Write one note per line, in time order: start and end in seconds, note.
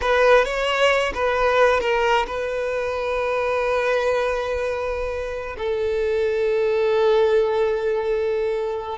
0.01 0.44 B4
0.44 1.12 C#5
1.14 1.80 B4
1.80 2.26 A#4
2.26 5.56 B4
5.57 8.98 A4